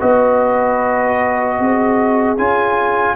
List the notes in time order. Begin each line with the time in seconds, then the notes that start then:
0.00 B3 F#4 B4 D#5
1.59 C4 G#4
2.37 C#4 F4 G#5